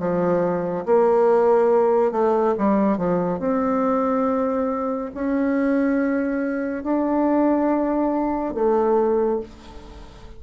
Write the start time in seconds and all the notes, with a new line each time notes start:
0.00 F3
0.86 A#3
2.12 A3
2.58 G3
2.98 F3
3.40 C4
5.15 C#4
6.84 D4
8.55 A3